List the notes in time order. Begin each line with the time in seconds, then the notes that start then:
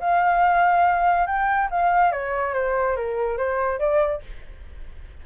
0.00 F5
1.27 G5
1.71 F5
2.12 C#5
2.54 C5
2.97 A#4
3.38 C5
3.79 D5